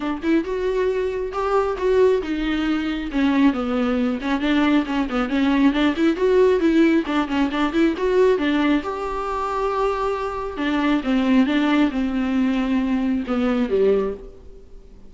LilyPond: \new Staff \with { instrumentName = "viola" } { \time 4/4 \tempo 4 = 136 d'8 e'8 fis'2 g'4 | fis'4 dis'2 cis'4 | b4. cis'8 d'4 cis'8 b8 | cis'4 d'8 e'8 fis'4 e'4 |
d'8 cis'8 d'8 e'8 fis'4 d'4 | g'1 | d'4 c'4 d'4 c'4~ | c'2 b4 g4 | }